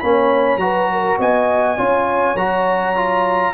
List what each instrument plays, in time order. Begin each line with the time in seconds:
0.00 tuba A#3, trombone C#4, horn C#5, trumpet B5
0.57 tuba F#3, trombone F#4, horn B4, trumpet A#5
0.92 horn A#4
1.19 tuba B3, horn D#5, trumpet G#5
1.77 tuba C#4, trombone F4, horn C#5
2.35 tuba F#3, trombone F#4, trumpet A#5
2.95 trombone F4